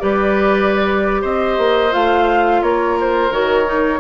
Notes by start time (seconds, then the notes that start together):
0.00 G3 G4 B4 D5
1.22 C4 C5 D#5
1.58 A#3
1.91 A3 F4 F5
2.62 A#3 A#4 C#5
3.01 C5
3.31 D#3 F#4 C#5
3.66 D#4